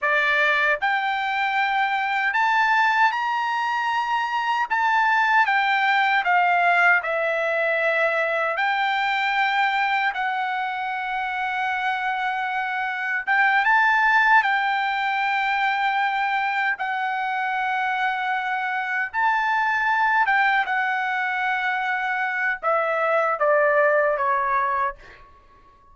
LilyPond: \new Staff \with { instrumentName = "trumpet" } { \time 4/4 \tempo 4 = 77 d''4 g''2 a''4 | ais''2 a''4 g''4 | f''4 e''2 g''4~ | g''4 fis''2.~ |
fis''4 g''8 a''4 g''4.~ | g''4. fis''2~ fis''8~ | fis''8 a''4. g''8 fis''4.~ | fis''4 e''4 d''4 cis''4 | }